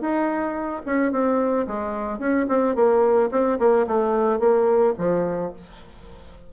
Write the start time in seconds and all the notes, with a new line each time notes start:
0.00 D#4
0.85 C#4
1.12 C4
1.66 G#3
2.18 C#4
2.48 C4
2.75 A#3
3.31 C4
3.59 A#3
3.86 A3
4.39 A#3
4.98 F3